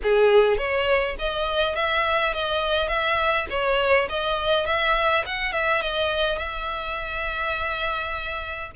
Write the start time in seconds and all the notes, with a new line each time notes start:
0.03 G#4
0.57 C#5
1.18 D#5
1.75 E5
2.33 D#5
2.88 E5
3.50 C#5
4.09 D#5
4.66 E5
5.26 F#5
5.52 E5
5.81 D#5
6.38 E5